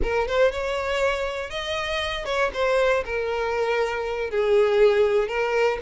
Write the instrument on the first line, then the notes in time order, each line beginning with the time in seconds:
violin
0.02 A#4
0.27 C5
0.51 C#5
1.50 D#5
2.25 C#5
2.53 C5
3.05 A#4
4.30 G#4
5.28 A#4